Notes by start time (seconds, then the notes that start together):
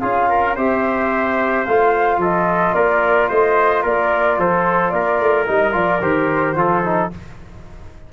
0.00 C#4 F4 G#4 F5
0.29 A#4
0.56 C4 G4 C5 E5
1.65 A3 F4 F5
2.17 F3 A4 D#5
2.74 A#3 A#4 D5
3.29 A3 C5 D#5
3.83 A#3 A#4 D5
4.38 F3 A4 C5
4.90 A#3 A#4 D5
5.20 A3
5.47 G3 D#4 D#5
5.72 F3 F4 D5
6.01 D#3 G4 C5
6.55 F3 F4 A4
6.84 D#4